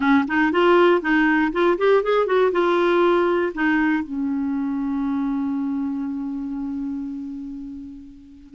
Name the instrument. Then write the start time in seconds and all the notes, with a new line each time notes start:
clarinet
0.00 C#4
0.27 D#4
0.52 F4
1.01 D#4
1.52 F4
1.78 G4
2.03 G#4
2.26 F#4
2.51 F4
3.54 D#4
4.03 C#4